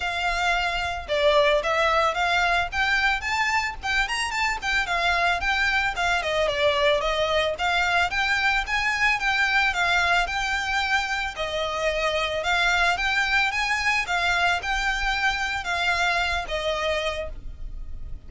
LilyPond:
\new Staff \with { instrumentName = "violin" } { \time 4/4 \tempo 4 = 111 f''2 d''4 e''4 | f''4 g''4 a''4 g''8 ais''8 | a''8 g''8 f''4 g''4 f''8 dis''8 | d''4 dis''4 f''4 g''4 |
gis''4 g''4 f''4 g''4~ | g''4 dis''2 f''4 | g''4 gis''4 f''4 g''4~ | g''4 f''4. dis''4. | }